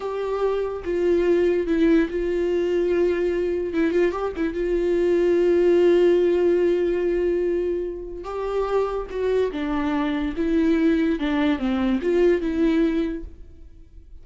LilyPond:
\new Staff \with { instrumentName = "viola" } { \time 4/4 \tempo 4 = 145 g'2 f'2 | e'4 f'2.~ | f'4 e'8 f'8 g'8 e'8 f'4~ | f'1~ |
f'1 | g'2 fis'4 d'4~ | d'4 e'2 d'4 | c'4 f'4 e'2 | }